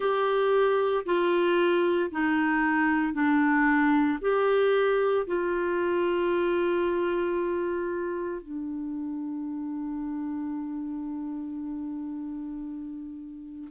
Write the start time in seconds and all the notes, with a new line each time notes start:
0.00 G4
1.05 F4
2.11 D#4
3.13 D4
4.21 G4
5.26 F4
8.42 D4